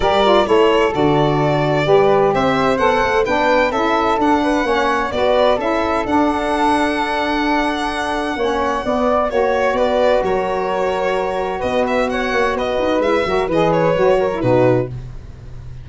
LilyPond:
<<
  \new Staff \with { instrumentName = "violin" } { \time 4/4 \tempo 4 = 129 d''4 cis''4 d''2~ | d''4 e''4 fis''4 g''4 | e''4 fis''2 d''4 | e''4 fis''2.~ |
fis''1 | cis''4 d''4 cis''2~ | cis''4 dis''8 e''8 fis''4 dis''4 | e''4 dis''8 cis''4. b'4 | }
  \new Staff \with { instrumentName = "flute" } { \time 4/4 ais'4 a'2. | b'4 c''2 b'4 | a'4. b'8 cis''4 b'4 | a'1~ |
a'2 cis''4 d''4 | cis''4 b'4 ais'2~ | ais'4 b'4 cis''4 b'4~ | b'8 ais'8 b'4. ais'8 fis'4 | }
  \new Staff \with { instrumentName = "saxophone" } { \time 4/4 g'8 f'8 e'4 fis'2 | g'2 a'4 d'4 | e'4 d'4 cis'4 fis'4 | e'4 d'2.~ |
d'2 cis'4 b4 | fis'1~ | fis'1 | e'8 fis'8 gis'4 fis'8. e'16 dis'4 | }
  \new Staff \with { instrumentName = "tuba" } { \time 4/4 g4 a4 d2 | g4 c'4 b8 a8 b4 | cis'4 d'4 ais4 b4 | cis'4 d'2.~ |
d'2 ais4 b4 | ais4 b4 fis2~ | fis4 b4. ais8 b8 dis'8 | gis8 fis8 e4 fis4 b,4 | }
>>